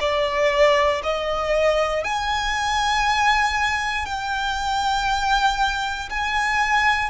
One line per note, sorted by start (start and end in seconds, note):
0.00 1.02 D5
1.03 2.04 D#5
2.04 4.06 G#5
4.06 6.09 G5
6.10 7.10 G#5